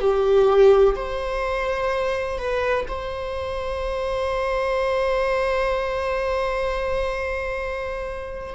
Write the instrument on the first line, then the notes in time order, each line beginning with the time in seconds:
viola
0.00 G4
0.96 C5
2.39 B4
2.88 C5